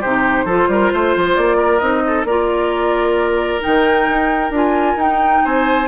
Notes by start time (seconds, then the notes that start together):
0.00 C3 D#4 G4 C5
0.44 F3 F4 A4
0.68 G3 A#4
0.93 A3 C5
1.16 F3
1.36 A#3 D5
1.57 A#4
1.79 C4 D#4 D#5
2.07 A4
2.25 A#3 F4 A#4 D5
3.60 D#3 D#4 G5
4.09 D#4
4.50 D4 F4
4.56 G#5
4.95 D#4 G5
5.44 C4 C5 G#5